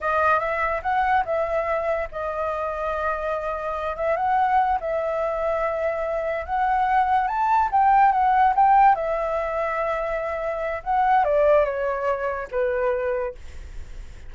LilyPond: \new Staff \with { instrumentName = "flute" } { \time 4/4 \tempo 4 = 144 dis''4 e''4 fis''4 e''4~ | e''4 dis''2.~ | dis''4. e''8 fis''4. e''8~ | e''2.~ e''8 fis''8~ |
fis''4. a''4 g''4 fis''8~ | fis''8 g''4 e''2~ e''8~ | e''2 fis''4 d''4 | cis''2 b'2 | }